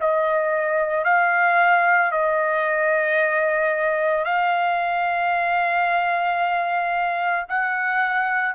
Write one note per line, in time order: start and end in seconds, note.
0.00 1.04 D#5
1.04 2.11 F5
2.11 4.24 D#5
4.24 7.46 F5
7.49 8.55 F#5